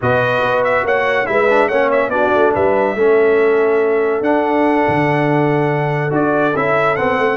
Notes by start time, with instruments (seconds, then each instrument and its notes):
0.01 tuba B2, trombone F#4, horn B4, trumpet D#5
0.42 tuba B3
0.64 trumpet E5
0.84 tuba A#3, horn C#5, trumpet F#5
1.25 tuba G#3, trombone E4, horn B4, trumpet E5
1.49 trombone D4
1.68 tuba A#3, trombone C#4, horn C#5, trumpet F#5
1.91 trumpet E5
2.08 tuba B3, trombone D4, horn F#4, trumpet D5
2.34 tuba A3
2.53 tuba G3, horn B4, trumpet E5
2.94 tuba A3, trombone C#4, horn A4
4.20 tuba D4, trombone D4, trumpet F#5
4.88 tuba D3
6.10 tuba D4, trombone F#4, trumpet D5
6.55 tuba C#4, trombone E4, trumpet E5
6.96 tuba B3, trombone C4, trumpet F#5
7.17 tuba A3